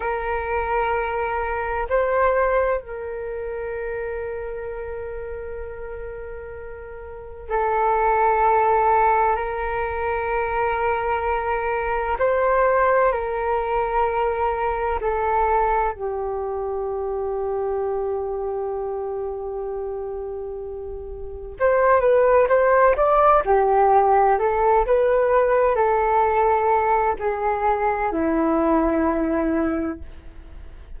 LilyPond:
\new Staff \with { instrumentName = "flute" } { \time 4/4 \tempo 4 = 64 ais'2 c''4 ais'4~ | ais'1 | a'2 ais'2~ | ais'4 c''4 ais'2 |
a'4 g'2.~ | g'2. c''8 b'8 | c''8 d''8 g'4 a'8 b'4 a'8~ | a'4 gis'4 e'2 | }